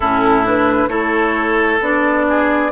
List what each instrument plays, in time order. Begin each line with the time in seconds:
0.00 bassoon A2, clarinet C#4, oboe E4, flute A4
0.45 clarinet D4, flute B4
0.88 bassoon A3, clarinet E4, oboe A4, flute C#5
1.80 bassoon B3, clarinet D4, flute D5
2.28 oboe G#4